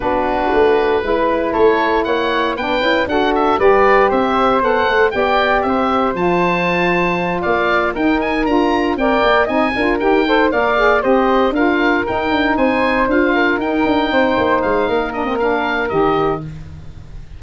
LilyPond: <<
  \new Staff \with { instrumentName = "oboe" } { \time 4/4 \tempo 4 = 117 b'2. cis''4 | fis''4 g''4 fis''8 e''8 d''4 | e''4 fis''4 g''4 e''4 | a''2~ a''8 f''4 g''8 |
gis''8 ais''4 g''4 gis''4 g''8~ | g''8 f''4 dis''4 f''4 g''8~ | g''8 gis''4 f''4 g''4.~ | g''8 f''4 dis''8 f''4 dis''4 | }
  \new Staff \with { instrumentName = "flute" } { \time 4/4 fis'2 b'4 a'4 | cis''4 b'4 a'4 b'4 | c''2 d''4 c''4~ | c''2~ c''8 d''4 ais'8~ |
ais'4. d''4 dis''8 ais'4 | c''8 d''4 c''4 ais'4.~ | ais'8 c''4. ais'4. c''8~ | c''4 ais'2. | }
  \new Staff \with { instrumentName = "saxophone" } { \time 4/4 d'2 e'2~ | e'4 d'8 e'8 fis'4 g'4~ | g'4 a'4 g'2 | f'2.~ f'8 dis'8~ |
dis'8 f'4 ais'4 dis'8 f'8 g'8 | a'8 ais'8 gis'8 g'4 f'4 dis'8~ | dis'4. f'4 dis'4.~ | dis'4. d'16 c'16 d'4 g'4 | }
  \new Staff \with { instrumentName = "tuba" } { \time 4/4 b4 a4 gis4 a4 | ais4 b8 cis'8 d'4 g4 | c'4 b8 a8 b4 c'4 | f2~ f8 ais4 dis'8~ |
dis'8 d'4 c'8 ais8 c'8 d'8 dis'8~ | dis'8 ais4 c'4 d'4 dis'8 | d'8 c'4 d'4 dis'8 d'8 c'8 | ais8 gis8 ais2 dis4 | }
>>